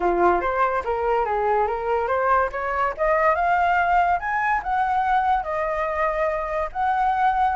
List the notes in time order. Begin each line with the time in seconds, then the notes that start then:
0.00 F4
0.40 C5
0.84 A#4
1.25 G#4
1.67 A#4
2.07 C5
2.52 C#5
2.97 D#5
3.35 F5
4.19 G#5
4.63 F#5
5.43 D#5
6.72 F#5